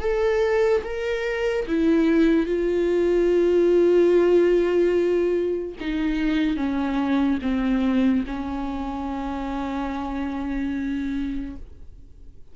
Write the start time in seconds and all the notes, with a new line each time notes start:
0.00 A4
0.84 A#4
1.67 E4
2.46 F4
5.81 D#4
6.56 C#4
7.42 C4
8.27 C#4